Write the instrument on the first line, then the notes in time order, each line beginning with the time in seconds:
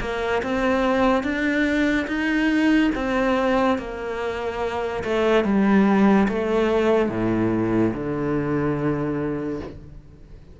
cello
0.00 A#3
0.42 C4
1.23 D4
2.07 D#4
2.95 C4
3.78 A#3
5.04 A3
5.44 G3
6.28 A3
7.09 A2
7.93 D3